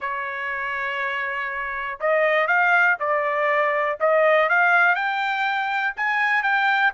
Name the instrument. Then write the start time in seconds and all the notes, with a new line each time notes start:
trumpet
0.00 C#5
2.00 D#5
2.47 F5
2.99 D5
3.99 D#5
4.49 F5
4.95 G5
5.96 G#5
6.43 G5